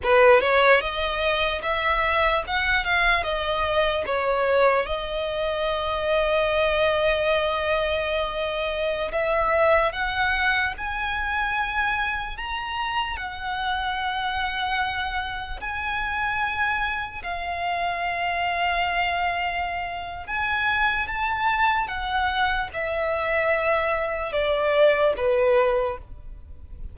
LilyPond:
\new Staff \with { instrumentName = "violin" } { \time 4/4 \tempo 4 = 74 b'8 cis''8 dis''4 e''4 fis''8 f''8 | dis''4 cis''4 dis''2~ | dis''2.~ dis''16 e''8.~ | e''16 fis''4 gis''2 ais''8.~ |
ais''16 fis''2. gis''8.~ | gis''4~ gis''16 f''2~ f''8.~ | f''4 gis''4 a''4 fis''4 | e''2 d''4 b'4 | }